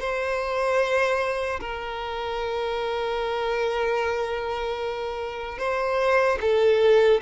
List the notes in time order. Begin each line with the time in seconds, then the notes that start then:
0.00 C5
1.60 A#4
5.59 C5
6.41 A4